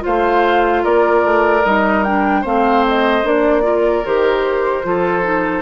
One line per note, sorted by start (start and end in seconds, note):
0.00 0.84 A3
0.00 1.60 F4
0.00 0.83 C5
0.00 0.84 F5
0.83 1.24 A#3
0.83 2.41 A#4
0.83 1.64 D5
1.24 1.64 A3
1.64 2.44 G3
1.64 2.05 D#4
1.64 2.03 D#5
2.03 2.44 D4
2.03 2.43 G5
2.41 3.24 A3
2.41 3.23 C4
2.41 3.61 C5
2.41 2.85 F5
2.87 3.26 D#5
3.23 4.04 A#3
3.23 3.62 D4
3.23 4.05 D5
3.62 4.02 F4
3.62 4.86 A#4
4.05 4.84 D#3
4.05 4.83 G4
4.05 5.62 C5
4.83 5.62 F3
4.83 5.23 F4
4.83 5.62 A4
5.23 5.62 D#4